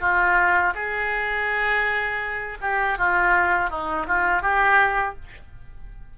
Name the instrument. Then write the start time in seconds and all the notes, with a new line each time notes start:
oboe
0.00 F4
0.75 G#4
2.61 G4
2.98 F4
3.70 D#4
4.07 F4
4.42 G4